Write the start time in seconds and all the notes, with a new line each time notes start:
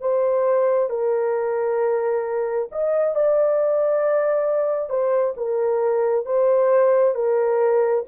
0.00 C5
0.90 A#4
2.71 D#5
3.15 D5
4.89 C5
5.36 A#4
6.25 C5
7.14 A#4